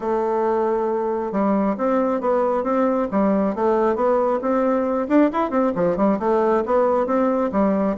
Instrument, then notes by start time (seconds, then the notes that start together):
bassoon
0.00 A3
1.32 G3
1.77 C4
2.20 B3
2.63 C4
3.11 G3
3.55 A3
3.95 B3
4.41 C4
5.08 D4
5.32 E4
5.50 C4
5.75 F3
5.96 G3
6.19 A3
6.65 B3
7.06 C4
7.52 G3